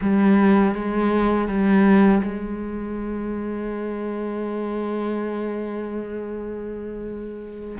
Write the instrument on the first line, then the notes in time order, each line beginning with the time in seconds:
cello
0.01 G3
0.74 G#3
1.48 G3
2.22 G#3